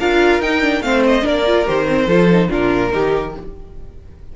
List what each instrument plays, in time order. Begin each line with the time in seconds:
0.00 cello D4, viola F4, violin A#4 F5
0.40 cello D#4, viola D#4, violin G5
0.62 viola D4
0.81 cello A3, viola C4, violin C5 F5
1.07 violin D#5
1.22 cello A#3, viola D4, violin A#4 D5
1.46 viola F4
1.66 cello D#3, viola G4, violin C5
1.89 viola C4
2.07 cello F3, viola F4, violin A4
2.31 viola D#4
2.49 cello A#2, viola D4, violin F4 A#4
2.92 cello D#3, viola D#4, violin G4